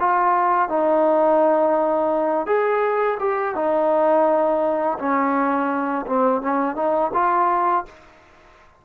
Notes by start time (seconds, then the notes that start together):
0.00 F4
0.69 D#4
2.47 G#4
3.20 G4
3.56 D#4
4.99 C#4
6.07 C4
6.42 C#4
6.76 D#4
7.14 F4